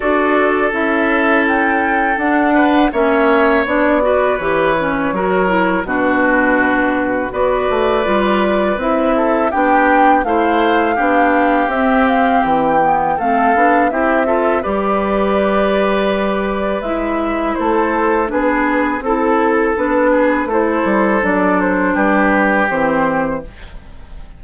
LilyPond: <<
  \new Staff \with { instrumentName = "flute" } { \time 4/4 \tempo 4 = 82 d''4 e''4 g''4 fis''4 | e''4 d''4 cis''2 | b'2 d''2 | e''4 g''4 f''2 |
e''8 f''8 g''4 f''4 e''4 | d''2. e''4 | c''4 b'4 a'4 b'4 | c''4 d''8 c''8 b'4 c''4 | }
  \new Staff \with { instrumentName = "oboe" } { \time 4/4 a'2.~ a'8 b'8 | cis''4. b'4. ais'4 | fis'2 b'2~ | b'8 a'8 g'4 c''4 g'4~ |
g'2 a'4 g'8 a'8 | b'1 | a'4 gis'4 a'4. gis'8 | a'2 g'2 | }
  \new Staff \with { instrumentName = "clarinet" } { \time 4/4 fis'4 e'2 d'4 | cis'4 d'8 fis'8 g'8 cis'8 fis'8 e'8 | d'2 fis'4 f'4 | e'4 d'4 e'4 d'4 |
c'4. b8 c'8 d'8 e'8 f'8 | g'2. e'4~ | e'4 d'4 e'4 d'4 | e'4 d'2 c'4 | }
  \new Staff \with { instrumentName = "bassoon" } { \time 4/4 d'4 cis'2 d'4 | ais4 b4 e4 fis4 | b,2 b8 a8 g4 | c'4 b4 a4 b4 |
c'4 e4 a8 b8 c'4 | g2. gis4 | a4 b4 c'4 b4 | a8 g8 fis4 g4 e4 | }
>>